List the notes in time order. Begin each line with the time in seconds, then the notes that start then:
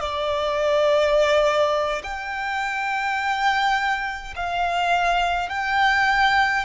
0.00 D5
2.03 G5
4.35 F5
5.49 G5